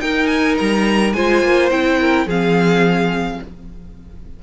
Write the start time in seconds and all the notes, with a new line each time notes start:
0.00 D#4 A#4 G5
0.26 G#5
0.58 G3 A#5
1.13 G#3 F4 C5 G#5
1.42 A#3
1.71 C4 E4 G5
2.00 A#4
2.26 F3 C4 G#4 F5